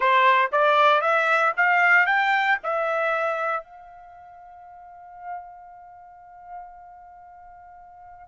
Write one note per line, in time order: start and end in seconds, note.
0.00 0.50 C5
0.51 1.01 D5
1.01 1.53 E5
1.57 2.06 F5
2.06 2.57 G5
2.63 3.63 E5
3.63 8.27 F5